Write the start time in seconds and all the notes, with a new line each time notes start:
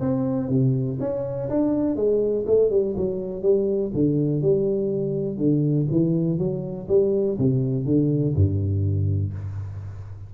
0.00 C4
0.49 C3
0.99 C#4
1.49 D4
1.95 G#3
2.47 A3
2.70 G3
2.96 F#3
3.42 G3
3.93 D3
4.42 G3
5.37 D3
5.90 E3
6.38 F#3
6.88 G3
7.38 C3
7.85 D3
8.35 G2